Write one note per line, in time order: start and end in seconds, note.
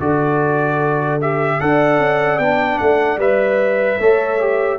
0.00 1.60 D3
0.00 1.21 F#4
0.00 1.60 A4
0.00 1.21 D5
1.21 1.61 G4
1.21 1.61 E5
1.60 1.99 D4
1.60 2.41 A4
1.60 4.00 D5
1.60 2.39 F#5
1.99 2.39 C#4
2.39 2.79 B3
2.39 3.20 D4
2.39 2.79 G5
2.79 3.17 A3
2.79 3.19 F#5
3.17 3.97 G3
3.17 4.00 B4
3.17 4.79 E5
3.99 4.79 A3
3.99 4.40 A4
3.99 4.79 C#5
4.40 4.79 G4